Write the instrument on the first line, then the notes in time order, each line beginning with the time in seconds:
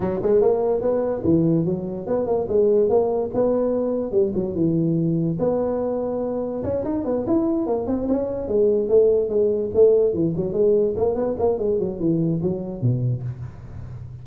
tuba
0.00 F#3
0.22 G#3
0.41 A#3
0.81 B3
1.24 E3
1.65 F#3
2.06 B3
2.26 A#3
2.48 G#3
2.89 A#3
3.33 B3
4.11 G3
4.34 F#3
4.54 E3
5.39 B3
6.63 C#4
6.84 D#4
7.04 B3
7.26 E4
7.66 A#3
7.86 C4
8.08 C#4
8.47 G#3
8.89 A3
9.29 G#3
9.74 A3
10.13 E3
10.36 F#3
10.53 G#3
10.96 A#3
11.15 B3
11.38 A#3
11.58 G#3
11.79 F#3
11.99 E3
12.42 F#3
12.81 B2